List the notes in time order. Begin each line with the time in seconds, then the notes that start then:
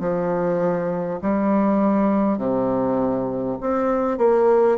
0.00 F3
1.22 G3
2.38 C3
3.61 C4
4.18 A#3